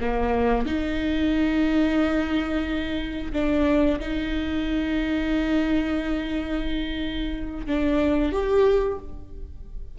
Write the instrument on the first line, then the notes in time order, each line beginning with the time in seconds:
viola
0.00 A#3
0.65 D#4
3.32 D4
4.00 D#4
7.66 D4
8.32 G4